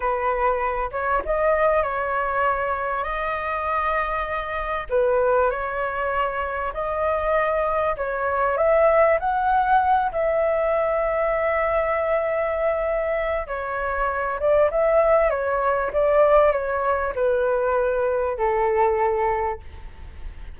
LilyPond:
\new Staff \with { instrumentName = "flute" } { \time 4/4 \tempo 4 = 98 b'4. cis''8 dis''4 cis''4~ | cis''4 dis''2. | b'4 cis''2 dis''4~ | dis''4 cis''4 e''4 fis''4~ |
fis''8 e''2.~ e''8~ | e''2 cis''4. d''8 | e''4 cis''4 d''4 cis''4 | b'2 a'2 | }